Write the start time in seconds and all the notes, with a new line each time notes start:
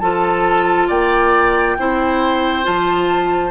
0.00 F3 F4 A4 A5
0.88 A#3 D5 G5
1.78 C4 E4 C5
2.64 F3 F4 A5